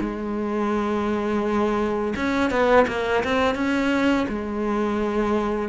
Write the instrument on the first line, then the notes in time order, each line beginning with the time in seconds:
cello
0.00 G#3
2.16 C#4
2.51 B3
2.88 A#3
3.24 C4
3.55 C#4
4.29 G#3